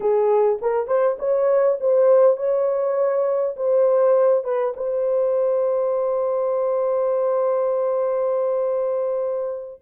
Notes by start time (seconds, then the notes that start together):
0.00 G#4
0.61 A#4
0.87 C5
1.19 C#5
1.80 C5
2.36 C#5
3.56 C5
4.44 B4
4.76 C5